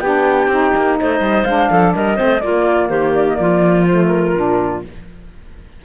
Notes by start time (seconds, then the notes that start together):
0.00 B3 D4 G4 G5
0.47 C4 D#4
0.76 A#3
0.98 A3 C5 D#5
1.19 G3
1.44 G#3 D4 F5
1.70 F3 A4
1.95 G3 A#4 D#5
2.16 A3 C4 C5
2.40 A#3 F4 D5
2.89 D#3 G4 C5
3.14 D5
3.28 D#5
3.36 F3 F4 D5
3.87 A3 C5
4.06 A#4
4.35 A#2 D4